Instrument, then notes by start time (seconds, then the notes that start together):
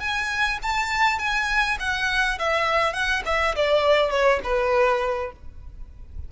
violin
0.00 G#5
0.63 A5
1.19 G#5
1.80 F#5
2.39 E5
2.93 F#5
3.26 E5
3.56 D5
4.11 C#5
4.44 B4